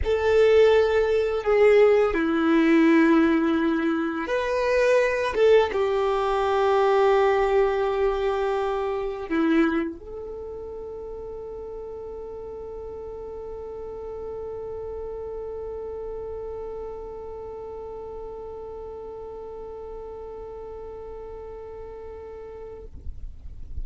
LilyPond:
\new Staff \with { instrumentName = "violin" } { \time 4/4 \tempo 4 = 84 a'2 gis'4 e'4~ | e'2 b'4. a'8 | g'1~ | g'4 e'4 a'2~ |
a'1~ | a'1~ | a'1~ | a'1 | }